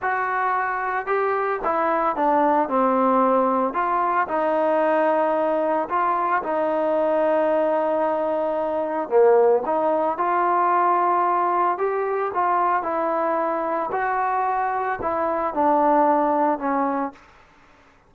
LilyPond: \new Staff \with { instrumentName = "trombone" } { \time 4/4 \tempo 4 = 112 fis'2 g'4 e'4 | d'4 c'2 f'4 | dis'2. f'4 | dis'1~ |
dis'4 ais4 dis'4 f'4~ | f'2 g'4 f'4 | e'2 fis'2 | e'4 d'2 cis'4 | }